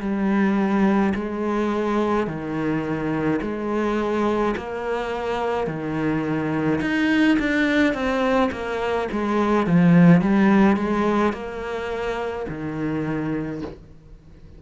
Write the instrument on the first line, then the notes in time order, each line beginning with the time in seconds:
cello
0.00 G3
1.15 G#3
2.27 D#3
3.42 G#3
4.56 A#3
5.67 D#3
6.81 D#4
7.39 D4
7.94 C4
8.52 A#3
9.12 G#3
9.66 F3
10.21 G3
10.77 G#3
11.33 A#3
12.49 D#3